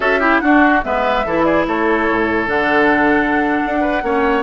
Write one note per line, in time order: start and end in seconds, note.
0.00 0.41 C#4
0.00 0.20 F#4
0.00 0.19 A4
0.00 0.40 E5
0.19 0.41 E4
0.19 0.40 G4
0.40 0.82 D4
0.40 0.83 D4
0.40 0.85 F#4
0.40 0.81 F#5
0.83 1.25 G#3
0.83 1.24 B3
0.83 1.26 B4
0.83 1.43 E5
1.25 1.66 E3
1.25 2.47 E4
1.25 1.45 A4
1.43 1.66 G#4
1.43 1.64 D5
1.67 2.08 A3
1.67 3.81 A4
1.67 2.48 C#5
2.10 2.47 A2
2.47 3.61 D3
2.47 4.02 D4
2.47 4.43 F#5
3.65 4.02 D4
3.81 4.01 B4
4.02 4.43 A#3
4.02 4.43 C#4
4.02 4.43 C#5